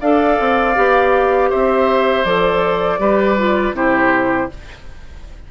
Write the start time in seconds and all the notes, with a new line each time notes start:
0.00 D4 A4 D5 F5
0.39 C4
0.75 B3 G4
1.49 C4 C5 E5
2.24 F3 A4 D5
2.98 G3 G4 B4
3.38 F4
3.73 C3 E4 G4 C5